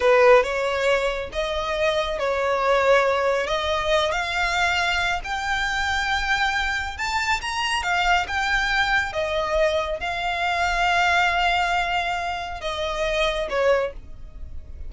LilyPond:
\new Staff \with { instrumentName = "violin" } { \time 4/4 \tempo 4 = 138 b'4 cis''2 dis''4~ | dis''4 cis''2. | dis''4. f''2~ f''8 | g''1 |
a''4 ais''4 f''4 g''4~ | g''4 dis''2 f''4~ | f''1~ | f''4 dis''2 cis''4 | }